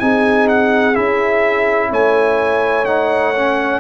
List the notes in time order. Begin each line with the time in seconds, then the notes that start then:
0.00 C4 D#4 G#4 G#5
0.48 F#5
0.94 C#4 E4 E5
1.90 A3 C#5 G#5
2.86 D#4 F#5
3.36 C#4